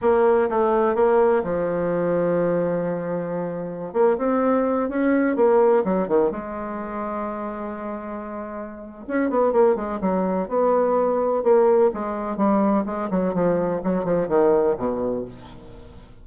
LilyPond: \new Staff \with { instrumentName = "bassoon" } { \time 4/4 \tempo 4 = 126 ais4 a4 ais4 f4~ | f1~ | f16 ais8 c'4. cis'4 ais8.~ | ais16 fis8 dis8 gis2~ gis8.~ |
gis2. cis'8 b8 | ais8 gis8 fis4 b2 | ais4 gis4 g4 gis8 fis8 | f4 fis8 f8 dis4 b,4 | }